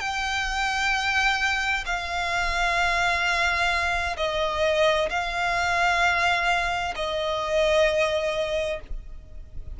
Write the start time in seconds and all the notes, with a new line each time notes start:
0.00 G5
1.86 F5
4.17 D#5
5.09 F5
6.96 D#5